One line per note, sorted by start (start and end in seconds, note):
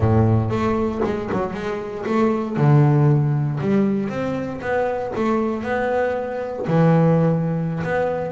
0.00 0.50 A2
0.50 1.01 A3
1.04 1.30 G#3
1.32 1.53 F#3
1.53 2.04 G#3
2.06 2.56 A3
2.56 3.59 D3
3.60 4.09 G3
4.09 4.60 C4
4.61 5.12 B3
5.15 5.63 A3
5.63 6.65 B3
6.67 7.82 E3
7.83 8.32 B3